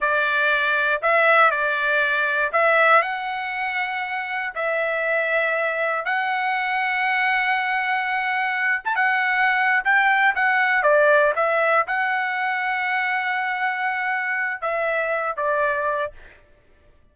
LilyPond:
\new Staff \with { instrumentName = "trumpet" } { \time 4/4 \tempo 4 = 119 d''2 e''4 d''4~ | d''4 e''4 fis''2~ | fis''4 e''2. | fis''1~ |
fis''4. a''16 fis''4.~ fis''16 g''8~ | g''8 fis''4 d''4 e''4 fis''8~ | fis''1~ | fis''4 e''4. d''4. | }